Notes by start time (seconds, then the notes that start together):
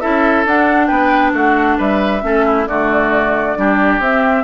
0.00 C#4 E4 A4 E5
0.45 D4 F#5
0.87 B3 B4 G5
1.33 A3 F#4 F#5
1.77 G3 B4 E5
2.22 A3 C#4 A4
2.45 E4
2.67 D3 A3 F#4 D5
3.56 G3 D4 G4
3.99 C4 E5
4.05 C4